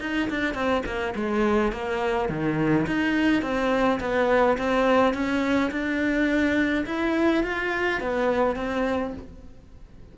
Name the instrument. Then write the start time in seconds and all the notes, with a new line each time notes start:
cello
0.00 D#4
0.30 D4
0.54 C4
0.85 A#3
1.15 G#3
1.72 A#3
2.29 D#3
2.86 D#4
3.42 C4
4.00 B3
4.57 C4
5.14 C#4
5.71 D4
6.86 E4
7.43 F4
8.00 B3
8.56 C4